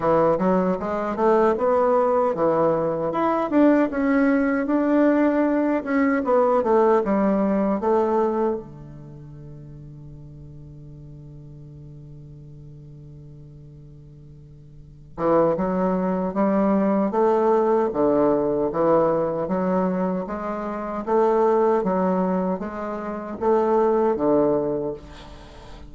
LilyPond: \new Staff \with { instrumentName = "bassoon" } { \time 4/4 \tempo 4 = 77 e8 fis8 gis8 a8 b4 e4 | e'8 d'8 cis'4 d'4. cis'8 | b8 a8 g4 a4 d4~ | d1~ |
d2.~ d8 e8 | fis4 g4 a4 d4 | e4 fis4 gis4 a4 | fis4 gis4 a4 d4 | }